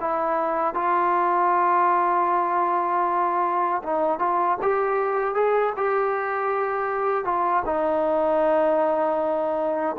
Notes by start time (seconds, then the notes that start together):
0.00 E4
0.74 F4
3.83 D#4
4.19 F4
4.62 G4
5.34 G#4
5.76 G4
7.24 F4
7.65 D#4